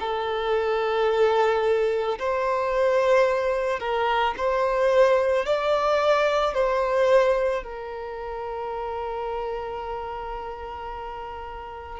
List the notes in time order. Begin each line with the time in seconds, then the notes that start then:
0.00 A4
2.19 C5
3.79 A#4
4.37 C5
5.45 D5
6.54 C5
7.63 A#4